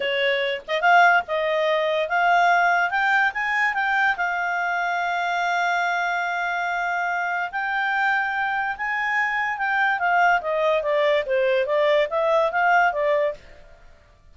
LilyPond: \new Staff \with { instrumentName = "clarinet" } { \time 4/4 \tempo 4 = 144 cis''4. dis''8 f''4 dis''4~ | dis''4 f''2 g''4 | gis''4 g''4 f''2~ | f''1~ |
f''2 g''2~ | g''4 gis''2 g''4 | f''4 dis''4 d''4 c''4 | d''4 e''4 f''4 d''4 | }